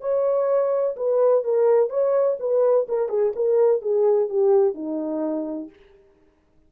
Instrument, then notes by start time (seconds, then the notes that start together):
horn
0.00 C#5
0.96 B4
1.44 A#4
1.89 C#5
2.39 B4
2.88 A#4
3.08 G#4
3.35 A#4
3.81 G#4
4.29 G4
4.74 D#4